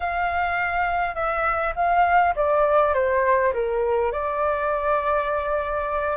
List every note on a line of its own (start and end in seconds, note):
0.00 1.14 F5
1.14 1.73 E5
1.75 2.34 F5
2.35 2.94 D5
2.94 3.52 C5
3.53 4.12 A#4
4.12 6.16 D5